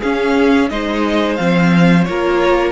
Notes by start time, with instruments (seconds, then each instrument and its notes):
0.00 viola C#4, cello C#4, violin G#4 F5
0.69 cello G#3, viola D#4, violin C5 D#5
1.36 cello F3, viola C4, violin F5
2.04 cello A#3, viola F4, violin A#4 C#5